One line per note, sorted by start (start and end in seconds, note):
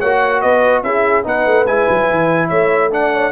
0.00 0.44 A#3
0.00 0.85 F#4
0.00 0.42 C#5
0.00 0.42 F#5
0.42 0.83 B3
0.42 0.84 B4
0.42 0.83 D#5
0.83 1.25 C#4
0.83 1.24 E4
0.83 1.26 G#4
0.83 1.26 E5
1.24 1.46 B3
1.24 1.66 D#4
1.24 2.49 B4
1.24 1.67 F#5
1.46 1.67 A3
1.67 1.88 G#3
1.67 2.91 E4
1.67 2.49 G#5
1.90 2.10 F#3
2.11 2.51 E3
2.49 3.32 A3
2.49 2.91 C#5
2.49 2.91 E5
2.91 3.32 D4
2.91 3.13 D5
2.91 3.32 F#5
3.13 3.32 C#5